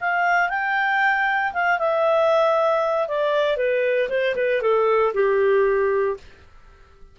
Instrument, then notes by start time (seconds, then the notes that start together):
clarinet
0.00 F5
0.49 G5
1.53 F5
1.78 E5
3.08 D5
3.56 B4
4.09 C5
4.35 B4
4.61 A4
5.13 G4